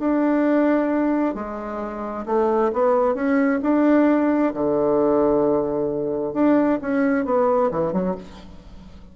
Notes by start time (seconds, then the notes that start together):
0.00 D4
1.35 G#3
2.26 A3
2.73 B3
3.15 C#4
3.63 D4
4.54 D3
6.34 D4
6.82 C#4
7.25 B3
7.71 E3
7.93 F#3